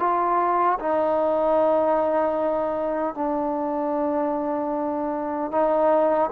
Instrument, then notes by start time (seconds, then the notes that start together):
trombone
0.00 F4
0.80 D#4
3.15 D4
5.52 D#4